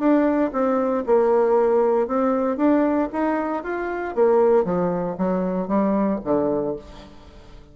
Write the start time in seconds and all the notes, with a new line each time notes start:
0.00 D4
0.53 C4
1.07 A#3
2.08 C4
2.57 D4
3.13 D#4
3.64 F4
4.15 A#3
4.65 F3
5.18 F#3
5.68 G3
6.25 D3